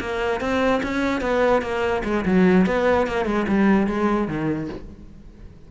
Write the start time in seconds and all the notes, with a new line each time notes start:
0.00 A#3
0.41 C4
0.83 C#4
1.21 B3
1.62 A#3
2.04 G#3
2.25 F#3
2.66 B3
3.07 A#3
3.25 G#3
3.48 G3
3.87 G#3
4.27 D#3